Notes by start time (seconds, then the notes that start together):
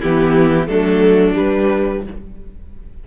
0.00 E3 B3 E4 G4
0.68 F#3 A3 D4 A4
1.34 G3 B4